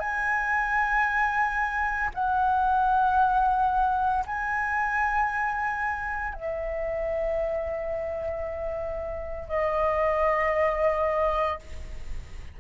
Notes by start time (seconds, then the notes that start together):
0.00 G#5
2.15 F#5
4.27 G#5
6.35 E5
9.49 D#5